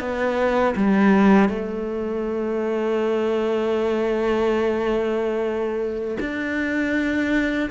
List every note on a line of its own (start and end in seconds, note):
0.00 0.75 B3
0.76 1.49 G3
1.49 6.18 A3
6.20 7.70 D4